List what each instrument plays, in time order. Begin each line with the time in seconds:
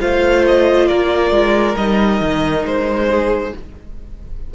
0.00 cello A3, viola F4, violin C5 F5
0.47 violin D#5
0.87 cello A#3, violin A#4 D5
1.31 cello G#3
1.76 cello G3, viola D#4, violin D#5
2.21 cello D#3
2.65 cello G#3, violin C5
3.10 violin G#4